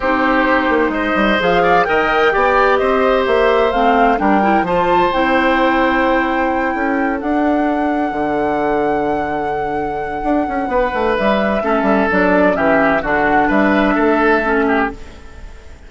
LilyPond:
<<
  \new Staff \with { instrumentName = "flute" } { \time 4/4 \tempo 4 = 129 c''2 dis''4 f''4 | g''2 dis''4 e''4 | f''4 g''4 a''4 g''4~ | g''2.~ g''8 fis''8~ |
fis''1~ | fis''1 | e''2 d''4 e''4 | fis''4 e''2. | }
  \new Staff \with { instrumentName = "oboe" } { \time 4/4 g'2 c''4. d''8 | dis''4 d''4 c''2~ | c''4 ais'4 c''2~ | c''2~ c''8 a'4.~ |
a'1~ | a'2. b'4~ | b'4 a'2 g'4 | fis'4 b'4 a'4. g'8 | }
  \new Staff \with { instrumentName = "clarinet" } { \time 4/4 dis'2. gis'4 | ais'4 g'2. | c'4 d'8 e'8 f'4 e'4~ | e'2.~ e'8 d'8~ |
d'1~ | d'1~ | d'4 cis'4 d'4 cis'4 | d'2. cis'4 | }
  \new Staff \with { instrumentName = "bassoon" } { \time 4/4 c'4. ais8 gis8 g8 f4 | dis4 b4 c'4 ais4 | a4 g4 f4 c'4~ | c'2~ c'8 cis'4 d'8~ |
d'4. d2~ d8~ | d2 d'8 cis'8 b8 a8 | g4 a8 g8 fis4 e4 | d4 g4 a2 | }
>>